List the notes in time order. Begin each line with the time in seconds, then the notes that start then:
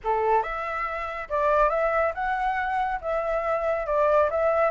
0.04 A4
0.42 E5
1.29 D5
1.69 E5
2.14 F#5
3.01 E5
3.86 D5
4.30 E5